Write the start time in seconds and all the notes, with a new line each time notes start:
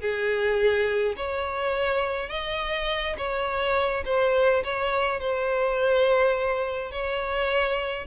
0.00 G#4
1.16 C#5
2.29 D#5
3.17 C#5
4.05 C5
4.64 C#5
5.20 C5
6.91 C#5